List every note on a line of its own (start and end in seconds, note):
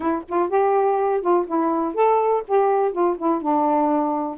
0.00 0.22 E4
0.28 0.49 F4
0.49 1.21 G4
1.21 1.45 F4
1.46 1.94 E4
1.94 2.43 A4
2.47 2.92 G4
2.92 3.16 F4
3.17 3.41 E4
3.41 4.37 D4